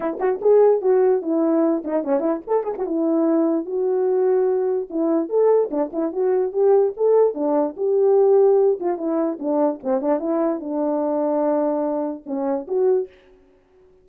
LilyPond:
\new Staff \with { instrumentName = "horn" } { \time 4/4 \tempo 4 = 147 e'8 fis'8 gis'4 fis'4 e'4~ | e'8 dis'8 cis'8 e'8 a'8 gis'16 fis'16 e'4~ | e'4 fis'2. | e'4 a'4 d'8 e'8 fis'4 |
g'4 a'4 d'4 g'4~ | g'4. f'8 e'4 d'4 | c'8 d'8 e'4 d'2~ | d'2 cis'4 fis'4 | }